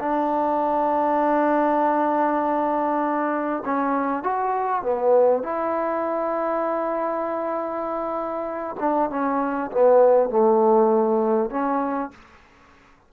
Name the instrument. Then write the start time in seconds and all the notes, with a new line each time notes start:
trombone
0.00 D4
3.65 C#4
4.24 F#4
4.83 B3
5.43 E4
8.80 D4
9.10 C#4
9.71 B3
10.30 A3
11.50 C#4